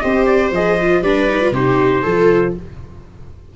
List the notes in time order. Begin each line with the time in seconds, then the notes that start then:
0.00 C4 G4 C5 D#5
0.27 D5
0.52 F3 G#4 D#5
0.82 F4
1.02 G3 D4 B4 D5
1.30 D#4
1.41 F4
1.51 C3 D#4 G4 C5
2.03 F3 F4 A4